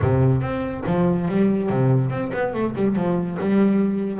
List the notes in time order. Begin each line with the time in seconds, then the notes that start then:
0.01 C3
0.41 C4
0.86 F3
1.28 G3
1.69 C3
2.10 C4
2.33 B3
2.53 A3
2.75 G3
2.95 F3
3.40 G3